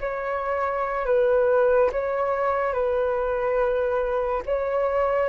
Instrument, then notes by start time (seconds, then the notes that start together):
flute
0.00 C#5
1.05 B4
1.92 C#5
2.73 B4
4.45 C#5